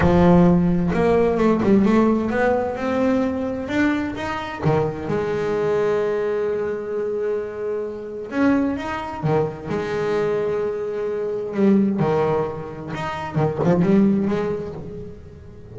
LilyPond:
\new Staff \with { instrumentName = "double bass" } { \time 4/4 \tempo 4 = 130 f2 ais4 a8 g8 | a4 b4 c'2 | d'4 dis'4 dis4 gis4~ | gis1~ |
gis2 cis'4 dis'4 | dis4 gis2.~ | gis4 g4 dis2 | dis'4 dis8 f8 g4 gis4 | }